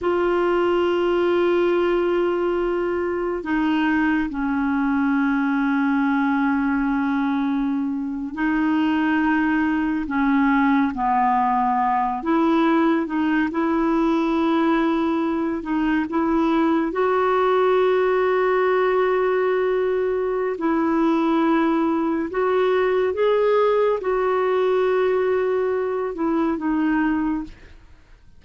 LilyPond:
\new Staff \with { instrumentName = "clarinet" } { \time 4/4 \tempo 4 = 70 f'1 | dis'4 cis'2.~ | cis'4.~ cis'16 dis'2 cis'16~ | cis'8. b4. e'4 dis'8 e'16~ |
e'2~ e'16 dis'8 e'4 fis'16~ | fis'1 | e'2 fis'4 gis'4 | fis'2~ fis'8 e'8 dis'4 | }